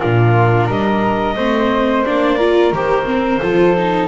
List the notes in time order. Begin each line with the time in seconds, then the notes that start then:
0.00 A#2 D4 F4 A#4
0.66 G3 A#4 D#5
1.36 A3 C4 C5
2.05 A#3 D4 D5
2.37 F4 A#4
2.73 D#3 G4 C5
3.05 C4
3.42 F3 F4 A4
3.77 D#4